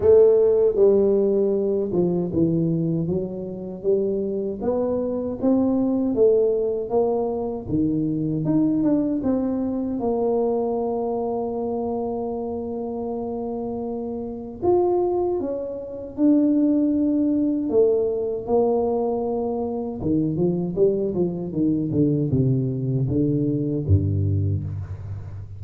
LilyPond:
\new Staff \with { instrumentName = "tuba" } { \time 4/4 \tempo 4 = 78 a4 g4. f8 e4 | fis4 g4 b4 c'4 | a4 ais4 dis4 dis'8 d'8 | c'4 ais2.~ |
ais2. f'4 | cis'4 d'2 a4 | ais2 dis8 f8 g8 f8 | dis8 d8 c4 d4 g,4 | }